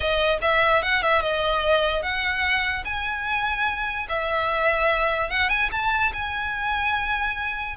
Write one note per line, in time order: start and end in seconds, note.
0.00 0.38 D#5
0.41 0.82 E5
0.82 1.02 F#5
1.02 1.21 E5
1.21 2.02 D#5
2.02 2.83 F#5
2.85 4.07 G#5
4.08 5.30 E5
5.30 5.49 F#5
5.49 5.69 G#5
5.71 6.12 A5
6.13 7.76 G#5